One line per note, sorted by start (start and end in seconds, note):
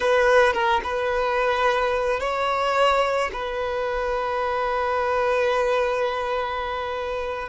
0.00 0.53 B4
0.53 0.80 A#4
0.83 2.19 B4
2.19 3.30 C#5
3.32 7.48 B4